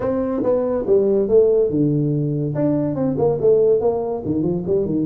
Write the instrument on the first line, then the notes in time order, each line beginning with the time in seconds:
tuba
0.00 C4
0.43 B3
0.86 G3
1.28 A3
1.69 D3
2.54 D4
2.95 C4
3.18 A#3
3.40 A3
3.80 A#3
4.25 D#3
4.42 F3
4.66 G3
4.85 D#3